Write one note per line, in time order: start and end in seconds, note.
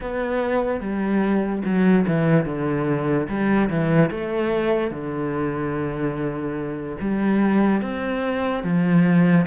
0.00 0.80 B3
0.80 1.62 G3
1.64 2.05 F#3
2.07 2.45 E3
2.45 3.27 D3
3.28 3.69 G3
3.70 4.10 E3
4.10 4.91 A3
4.91 6.96 D3
7.00 7.81 G3
7.81 8.63 C4
8.63 9.46 F3